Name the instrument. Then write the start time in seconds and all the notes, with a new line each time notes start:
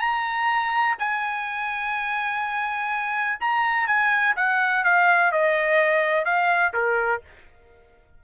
trumpet
0.00 A#5
0.99 G#5
3.41 A#5
3.87 G#5
4.36 F#5
4.84 F5
5.32 D#5
6.25 F5
6.74 A#4